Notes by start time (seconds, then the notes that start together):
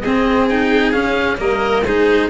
0.00 C4 G#4 D#5
0.49 D#4 G5
0.92 C#4 F5
1.37 G3 A#3 A#4 D#5
1.84 G#3 D#4 G#4 C5